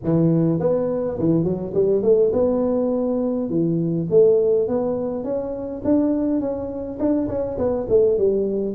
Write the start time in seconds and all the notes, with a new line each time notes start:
0.03 E3
0.59 B3
1.18 E3
1.44 F#3
1.73 G3
2.02 A3
2.32 B3
3.49 E3
4.09 A3
4.68 B3
5.23 C#4
5.84 D4
6.40 C#4
6.99 D4
7.28 C#4
7.57 B3
7.89 A3
8.18 G3